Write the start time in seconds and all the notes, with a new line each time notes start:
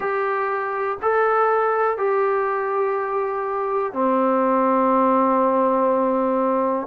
0.00 G4
1.01 A4
1.97 G4
3.92 C4